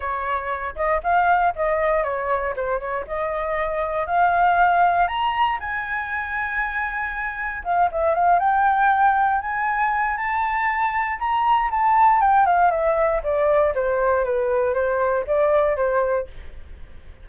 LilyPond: \new Staff \with { instrumentName = "flute" } { \time 4/4 \tempo 4 = 118 cis''4. dis''8 f''4 dis''4 | cis''4 c''8 cis''8 dis''2 | f''2 ais''4 gis''4~ | gis''2. f''8 e''8 |
f''8 g''2 gis''4. | a''2 ais''4 a''4 | g''8 f''8 e''4 d''4 c''4 | b'4 c''4 d''4 c''4 | }